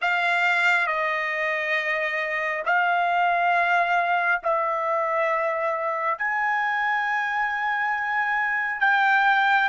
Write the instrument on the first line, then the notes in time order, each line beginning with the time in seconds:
trumpet
0.01 F5
0.86 D#5
2.65 F5
4.43 E5
6.18 G#5
8.80 G5